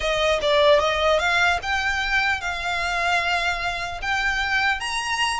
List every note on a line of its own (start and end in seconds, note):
0.00 0.39 D#5
0.41 0.79 D5
0.79 1.19 D#5
1.19 1.59 F5
1.62 2.40 G5
2.40 4.00 F5
4.01 4.79 G5
4.79 5.39 A#5